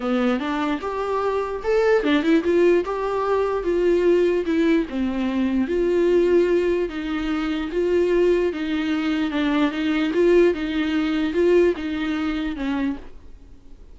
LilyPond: \new Staff \with { instrumentName = "viola" } { \time 4/4 \tempo 4 = 148 b4 d'4 g'2 | a'4 d'8 e'8 f'4 g'4~ | g'4 f'2 e'4 | c'2 f'2~ |
f'4 dis'2 f'4~ | f'4 dis'2 d'4 | dis'4 f'4 dis'2 | f'4 dis'2 cis'4 | }